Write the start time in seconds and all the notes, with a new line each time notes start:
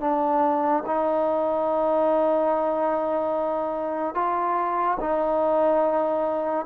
0.00 D4
0.86 D#4
4.14 F4
5.00 D#4